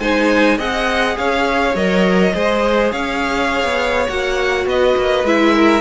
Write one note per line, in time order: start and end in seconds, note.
0.00 0.58 G#3
0.00 0.58 D#4
0.00 0.58 C5
0.00 0.58 G#5
0.58 1.17 C4
0.58 1.75 G#4
0.58 1.16 D#5
0.58 1.18 F#5
1.18 1.75 C#4
1.18 2.34 C#5
1.18 1.76 F5
1.75 2.33 F#3
1.75 2.33 A#4
1.75 2.92 D#5
2.33 2.93 G#3
2.33 4.08 G#4
2.33 2.93 C5
2.92 3.64 C#4
2.92 4.67 C#5
2.92 4.08 F5
3.64 4.08 B3
4.08 4.66 A#3
4.08 5.26 F#4
4.08 4.66 F#5
4.66 4.95 B3
4.66 5.54 B4
4.66 5.26 D#5
4.97 5.24 A#3
5.24 5.81 G#3
5.24 5.81 E4
5.24 5.81 E5
5.54 5.81 A#4